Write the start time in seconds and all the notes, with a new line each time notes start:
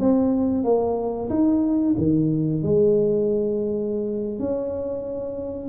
0.00 C4
0.64 A#3
1.30 D#4
1.98 D#3
2.63 G#3
4.40 C#4